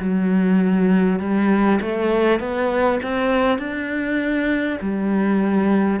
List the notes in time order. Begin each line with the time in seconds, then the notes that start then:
0.00 F#3
1.19 G3
1.81 A3
2.39 B3
3.02 C4
3.58 D4
4.81 G3